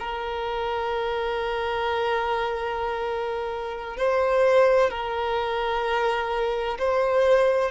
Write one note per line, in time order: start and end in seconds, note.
0.00 3.98 A#4
3.98 4.90 C5
4.90 6.78 A#4
6.79 7.72 C5